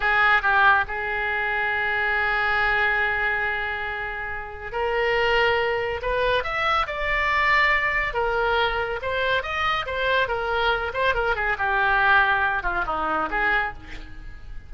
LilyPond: \new Staff \with { instrumentName = "oboe" } { \time 4/4 \tempo 4 = 140 gis'4 g'4 gis'2~ | gis'1~ | gis'2. ais'4~ | ais'2 b'4 e''4 |
d''2. ais'4~ | ais'4 c''4 dis''4 c''4 | ais'4. c''8 ais'8 gis'8 g'4~ | g'4. f'8 dis'4 gis'4 | }